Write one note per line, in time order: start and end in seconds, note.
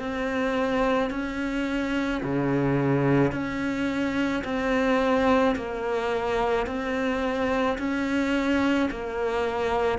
0.00 1.11 C4
1.11 2.22 C#4
2.23 3.32 C#3
3.32 4.43 C#4
4.44 5.56 C4
5.56 6.67 A#3
6.67 7.78 C4
7.78 8.89 C#4
8.91 9.99 A#3